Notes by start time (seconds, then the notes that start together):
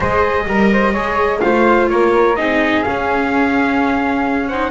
0.00 G#3 G#4 C5 D#5
0.46 G3 A#4
0.72 C5
0.92 G#3 G#4 C#5
1.40 A3 F4 C5 F5
1.89 A#3 A#4 C#5
2.35 C4 D#4 G#4 D#5
2.83 C#4 F5
4.48 D#4 C5 F#5